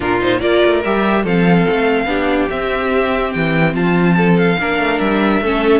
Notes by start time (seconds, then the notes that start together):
0.00 A#2 D4 F4 A#4
0.20 D#4 C5
0.39 A#3 F4 A#4 D5
0.65 A3
0.83 G3 G4 E5
1.23 F3 C4 A4 F5
1.69 A3
2.05 B3 D4 G4
2.49 C4 E5
3.32 E3 G5
3.74 F3 F4 A5
4.17 A4
4.37 F5
4.59 A#3 D4 A#4
4.78 A3
4.99 G3 E5
5.41 A3 C#4 A4